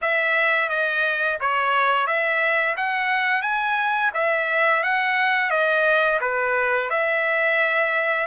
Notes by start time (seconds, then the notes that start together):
0.01 E5
0.69 D#5
1.40 C#5
2.06 E5
2.76 F#5
3.42 G#5
4.14 E5
4.83 F#5
5.50 D#5
6.21 B4
6.90 E5